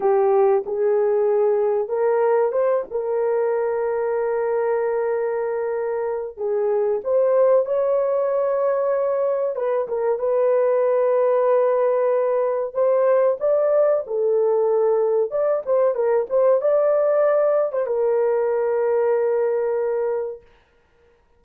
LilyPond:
\new Staff \with { instrumentName = "horn" } { \time 4/4 \tempo 4 = 94 g'4 gis'2 ais'4 | c''8 ais'2.~ ais'8~ | ais'2 gis'4 c''4 | cis''2. b'8 ais'8 |
b'1 | c''4 d''4 a'2 | d''8 c''8 ais'8 c''8 d''4.~ d''16 c''16 | ais'1 | }